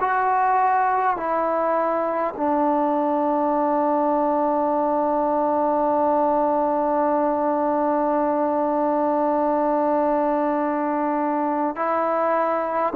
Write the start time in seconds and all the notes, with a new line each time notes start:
0.00 F#4
1.17 E4
2.36 D4
11.76 E4